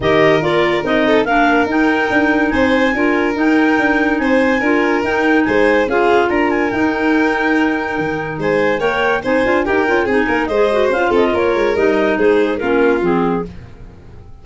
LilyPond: <<
  \new Staff \with { instrumentName = "clarinet" } { \time 4/4 \tempo 4 = 143 dis''4 d''4 dis''4 f''4 | g''2 gis''2 | g''2 gis''2 | g''4 gis''4 f''4 ais''8 gis''8 |
g''1 | gis''4 g''4 gis''4 g''4 | gis''4 dis''4 f''8 dis''8 cis''4 | dis''4 c''4 ais'4 gis'4 | }
  \new Staff \with { instrumentName = "violin" } { \time 4/4 ais'2~ ais'8 a'8 ais'4~ | ais'2 c''4 ais'4~ | ais'2 c''4 ais'4~ | ais'4 c''4 gis'4 ais'4~ |
ais'1 | c''4 cis''4 c''4 ais'4 | gis'8 ais'8 c''4. a'8 ais'4~ | ais'4 gis'4 f'2 | }
  \new Staff \with { instrumentName = "clarinet" } { \time 4/4 g'4 f'4 dis'4 d'4 | dis'2. f'4 | dis'2. f'4 | dis'2 f'2 |
dis'1~ | dis'4 ais'4 dis'8 f'8 g'8 f'8 | dis'4 gis'8 fis'8 f'2 | dis'2 cis'4 c'4 | }
  \new Staff \with { instrumentName = "tuba" } { \time 4/4 dis4 ais4 c'4 ais4 | dis'4 d'4 c'4 d'4 | dis'4 d'4 c'4 d'4 | dis'4 gis4 cis'4 d'4 |
dis'2. dis4 | gis4 ais4 c'8 d'8 dis'8 cis'8 | c'8 ais8 gis4 cis'8 c'8 ais8 gis8 | g4 gis4 ais4 f4 | }
>>